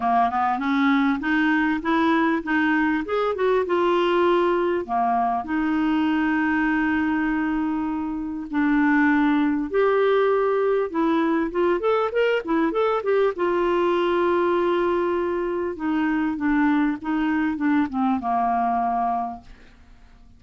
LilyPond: \new Staff \with { instrumentName = "clarinet" } { \time 4/4 \tempo 4 = 99 ais8 b8 cis'4 dis'4 e'4 | dis'4 gis'8 fis'8 f'2 | ais4 dis'2.~ | dis'2 d'2 |
g'2 e'4 f'8 a'8 | ais'8 e'8 a'8 g'8 f'2~ | f'2 dis'4 d'4 | dis'4 d'8 c'8 ais2 | }